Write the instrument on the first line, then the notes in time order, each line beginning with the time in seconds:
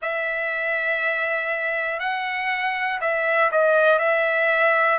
trumpet
0.01 E5
1.99 F#5
3.00 E5
3.51 D#5
3.98 E5